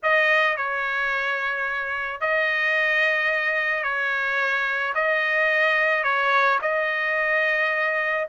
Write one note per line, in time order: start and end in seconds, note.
0.02 0.56 D#5
0.56 2.20 C#5
2.20 3.83 D#5
3.83 4.93 C#5
4.94 6.03 D#5
6.03 6.58 C#5
6.61 8.26 D#5